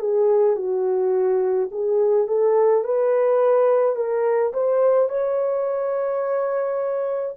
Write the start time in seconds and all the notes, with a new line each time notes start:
0.00 G#4
0.57 F#4
1.71 G#4
2.27 A4
2.85 B4
3.96 A#4
4.54 C5
5.09 C#5